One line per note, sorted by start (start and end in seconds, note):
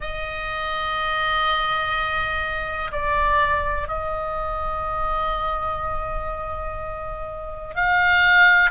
0.00 2.91 D#5
2.91 3.88 D5
3.88 7.75 D#5
7.75 8.70 F5